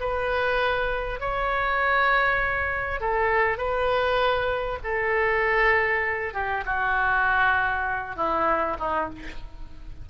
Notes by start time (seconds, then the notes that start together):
0.00 B4
1.20 C#5
3.00 A4
3.58 B4
4.83 A4
6.34 G4
6.66 F#4
8.16 E4
8.79 D#4